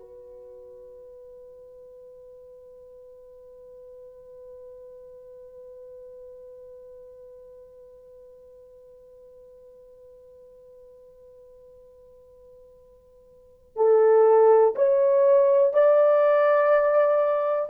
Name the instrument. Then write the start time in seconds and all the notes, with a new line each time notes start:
horn
0.00 B4
13.77 A4
14.76 C#5
15.74 D5